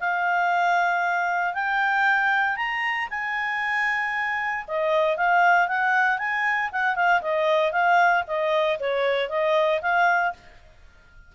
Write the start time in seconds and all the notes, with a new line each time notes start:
0.00 F5
1.54 G5
2.57 A#5
3.10 G#5
4.67 D#5
5.17 F5
5.68 F#5
6.19 G#5
6.72 F#5
6.95 F5
7.22 D#5
7.72 F5
8.27 D#5
8.80 C#5
9.29 D#5
9.82 F5